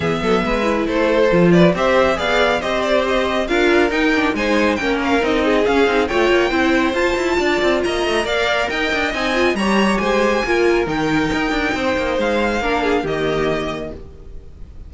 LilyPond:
<<
  \new Staff \with { instrumentName = "violin" } { \time 4/4 \tempo 4 = 138 e''2 c''4. d''8 | e''4 f''4 dis''8 d''8 dis''4 | f''4 g''4 gis''4 g''8 f''8 | dis''4 f''4 g''2 |
a''2 ais''4 f''4 | g''4 gis''4 ais''4 gis''4~ | gis''4 g''2. | f''2 dis''2 | }
  \new Staff \with { instrumentName = "violin" } { \time 4/4 gis'8 a'8 b'4 a'4. b'8 | c''4 d''4 c''2 | ais'2 c''4 ais'4~ | ais'8 gis'4. cis''4 c''4~ |
c''4 d''4 dis''4 d''4 | dis''2 cis''4 c''4 | ais'2. c''4~ | c''4 ais'8 gis'8 g'2 | }
  \new Staff \with { instrumentName = "viola" } { \time 4/4 b4. e'4. f'4 | g'4 gis'4 g'2 | f'4 dis'8 d'8 dis'4 cis'4 | dis'4 cis'8 dis'8 f'4 e'4 |
f'2. ais'4~ | ais'4 dis'8 f'8 g'2 | f'4 dis'2.~ | dis'4 d'4 ais2 | }
  \new Staff \with { instrumentName = "cello" } { \time 4/4 e8 fis8 gis4 a4 f4 | c'4 b4 c'2 | d'4 dis'4 gis4 ais4 | c'4 cis'8 c'8 a8 ais8 c'4 |
f'8 e'8 d'8 c'8 ais8 a8 ais4 | dis'8 d'8 c'4 g4 gis4 | ais4 dis4 dis'8 d'8 c'8 ais8 | gis4 ais4 dis2 | }
>>